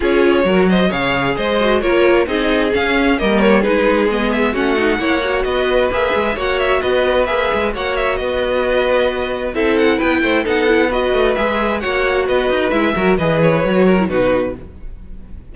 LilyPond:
<<
  \new Staff \with { instrumentName = "violin" } { \time 4/4 \tempo 4 = 132 cis''4. dis''8 f''4 dis''4 | cis''4 dis''4 f''4 dis''8 cis''8 | b'4 dis''8 e''8 fis''2 | dis''4 e''4 fis''8 e''8 dis''4 |
e''4 fis''8 e''8 dis''2~ | dis''4 e''8 fis''8 g''4 fis''4 | dis''4 e''4 fis''4 dis''4 | e''4 dis''8 cis''4. b'4 | }
  \new Staff \with { instrumentName = "violin" } { \time 4/4 gis'4 ais'8 c''8 cis''4 c''4 | ais'4 gis'2 ais'4 | gis'2 fis'4 cis''4 | b'2 cis''4 b'4~ |
b'4 cis''4 b'2~ | b'4 a'4 b'8 c''8 a'4 | b'2 cis''4 b'4~ | b'8 ais'8 b'4. ais'8 fis'4 | }
  \new Staff \with { instrumentName = "viola" } { \time 4/4 f'4 fis'4 gis'4. fis'8 | f'4 dis'4 cis'4 ais4 | dis'4 b4 cis'8 dis'8 e'8 fis'8~ | fis'4 gis'4 fis'2 |
gis'4 fis'2.~ | fis'4 e'2 dis'8 e'8 | fis'4 gis'4 fis'2 | e'8 fis'8 gis'4 fis'8. e'16 dis'4 | }
  \new Staff \with { instrumentName = "cello" } { \time 4/4 cis'4 fis4 cis4 gis4 | ais4 c'4 cis'4 g4 | gis2 a4 ais4 | b4 ais8 gis8 ais4 b4 |
ais8 gis8 ais4 b2~ | b4 c'4 b8 a8 b4~ | b8 a8 gis4 ais4 b8 dis'8 | gis8 fis8 e4 fis4 b,4 | }
>>